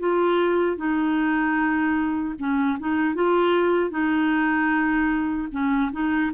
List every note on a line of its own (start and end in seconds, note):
0.00 0.77 F4
0.77 2.35 D#4
2.39 2.78 C#4
2.80 3.15 D#4
3.15 3.90 F4
3.90 5.48 D#4
5.52 5.91 C#4
5.92 6.32 D#4